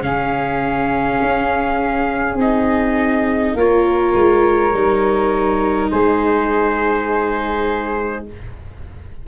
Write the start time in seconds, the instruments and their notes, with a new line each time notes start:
0.00 tuba C#3, viola C#4, flute G#4, trumpet F5
1.21 tuba C#4
2.35 tuba C4, viola D#4, trumpet D#5
3.54 tuba A#3, viola F4, flute A#4, trumpet C#5
4.13 tuba G#3
4.73 tuba G3, viola D#4
5.90 tuba G#3, flute G#4, trumpet C5